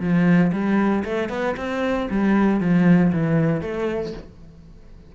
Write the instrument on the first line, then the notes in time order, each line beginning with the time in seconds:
cello
0.00 F3
0.52 G3
1.04 A3
1.29 B3
1.57 C4
2.10 G3
2.60 F3
3.12 E3
3.61 A3